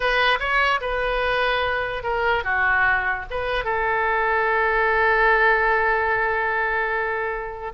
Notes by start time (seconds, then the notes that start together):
0.00 B4
0.39 C#5
0.81 B4
2.03 A#4
2.44 F#4
3.30 B4
3.64 A4